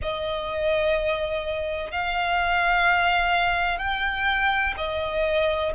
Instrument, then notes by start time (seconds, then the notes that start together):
violin
0.02 D#5
1.91 F5
3.78 G5
4.77 D#5